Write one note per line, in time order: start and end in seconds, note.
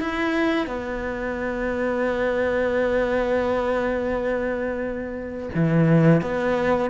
0.00 0.66 E4
0.66 5.49 B3
5.55 6.21 E3
6.21 6.90 B3